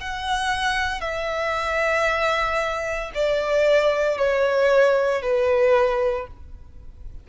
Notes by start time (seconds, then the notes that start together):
0.00 F#5
1.00 E5
3.14 D5
4.18 C#5
5.22 B4